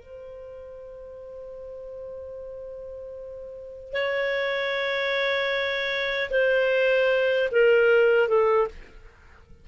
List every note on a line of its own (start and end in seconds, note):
0.00 3.93 C5
3.93 6.30 C#5
6.30 7.49 C5
7.52 8.28 A#4
8.28 8.68 A4